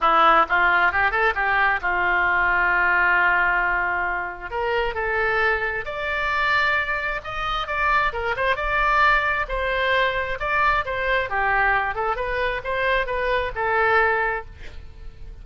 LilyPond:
\new Staff \with { instrumentName = "oboe" } { \time 4/4 \tempo 4 = 133 e'4 f'4 g'8 a'8 g'4 | f'1~ | f'2 ais'4 a'4~ | a'4 d''2. |
dis''4 d''4 ais'8 c''8 d''4~ | d''4 c''2 d''4 | c''4 g'4. a'8 b'4 | c''4 b'4 a'2 | }